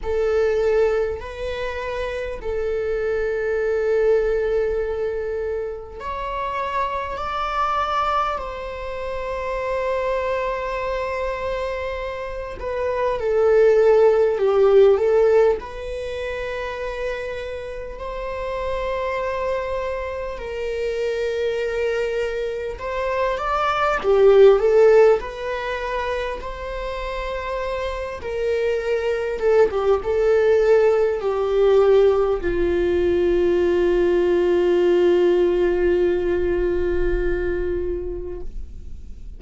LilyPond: \new Staff \with { instrumentName = "viola" } { \time 4/4 \tempo 4 = 50 a'4 b'4 a'2~ | a'4 cis''4 d''4 c''4~ | c''2~ c''8 b'8 a'4 | g'8 a'8 b'2 c''4~ |
c''4 ais'2 c''8 d''8 | g'8 a'8 b'4 c''4. ais'8~ | ais'8 a'16 g'16 a'4 g'4 f'4~ | f'1 | }